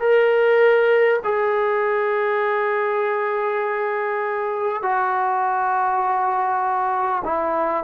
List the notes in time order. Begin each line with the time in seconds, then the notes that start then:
0.00 A#4
1.24 G#4
4.83 F#4
7.24 E4